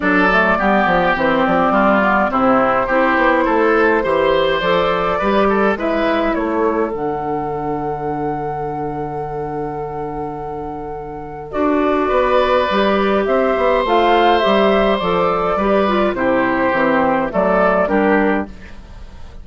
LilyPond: <<
  \new Staff \with { instrumentName = "flute" } { \time 4/4 \tempo 4 = 104 d''2 c''8 d''4. | c''1 | d''2 e''4 cis''4 | fis''1~ |
fis''1 | d''2. e''4 | f''4 e''4 d''2 | c''2 d''4 ais'4 | }
  \new Staff \with { instrumentName = "oboe" } { \time 4/4 a'4 g'2 f'4 | e'4 g'4 a'4 c''4~ | c''4 b'8 a'8 b'4 a'4~ | a'1~ |
a'1~ | a'4 b'2 c''4~ | c''2. b'4 | g'2 a'4 g'4 | }
  \new Staff \with { instrumentName = "clarinet" } { \time 4/4 d'8 a8 b4 c'4. b8 | c'4 e'2 g'4 | a'4 g'4 e'2 | d'1~ |
d'1 | fis'2 g'2 | f'4 g'4 a'4 g'8 f'8 | e'4 c'4 a4 d'4 | }
  \new Staff \with { instrumentName = "bassoon" } { \time 4/4 fis4 g8 f8 e8 f8 g4 | c4 c'8 b8 a4 e4 | f4 g4 gis4 a4 | d1~ |
d1 | d'4 b4 g4 c'8 b8 | a4 g4 f4 g4 | c4 e4 fis4 g4 | }
>>